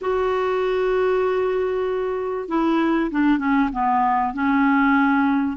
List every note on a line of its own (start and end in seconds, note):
0.01 2.48 F#4
2.48 3.10 E4
3.10 3.38 D4
3.38 3.69 C#4
3.72 4.33 B3
4.33 5.57 C#4